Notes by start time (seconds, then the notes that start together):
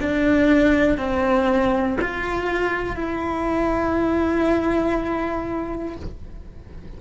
0.00 D4
0.97 C4
2.01 F4
2.96 E4